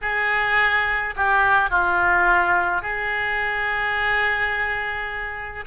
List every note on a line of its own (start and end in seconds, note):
0.01 1.14 G#4
1.16 1.70 G4
1.70 2.81 F4
2.81 5.64 G#4